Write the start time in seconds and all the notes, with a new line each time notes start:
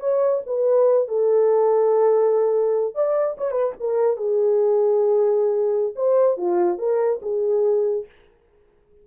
0.00 C#5
0.46 B4
1.08 A4
2.95 D5
3.38 C#5
3.51 B4
3.80 A#4
4.17 G#4
5.96 C5
6.37 F4
6.78 A#4
7.22 G#4